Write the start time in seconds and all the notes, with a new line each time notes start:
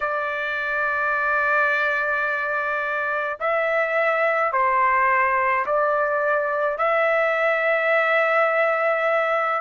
0.00 D5
3.40 E5
4.52 C5
5.66 D5
6.78 E5